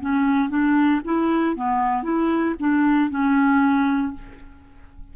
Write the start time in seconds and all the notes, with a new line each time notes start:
0.00 C#4
0.49 D4
1.04 E4
1.56 B3
2.03 E4
2.59 D4
3.10 C#4